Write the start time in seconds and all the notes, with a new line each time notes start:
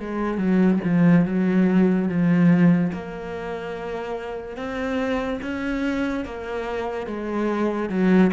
0.00 G#3
0.38 F#3
0.84 F3
1.25 F#3
2.09 F3
2.93 A#3
4.57 C4
5.42 C#4
6.25 A#3
7.07 G#3
7.90 F#3